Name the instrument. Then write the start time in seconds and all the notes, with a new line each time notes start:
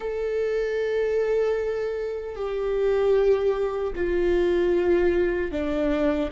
viola
0.00 A4
2.35 G4
3.95 F4
5.51 D4